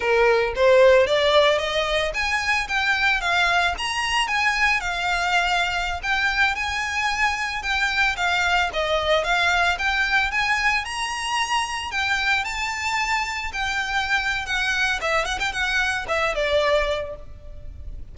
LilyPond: \new Staff \with { instrumentName = "violin" } { \time 4/4 \tempo 4 = 112 ais'4 c''4 d''4 dis''4 | gis''4 g''4 f''4 ais''4 | gis''4 f''2~ f''16 g''8.~ | g''16 gis''2 g''4 f''8.~ |
f''16 dis''4 f''4 g''4 gis''8.~ | gis''16 ais''2 g''4 a''8.~ | a''4~ a''16 g''4.~ g''16 fis''4 | e''8 fis''16 g''16 fis''4 e''8 d''4. | }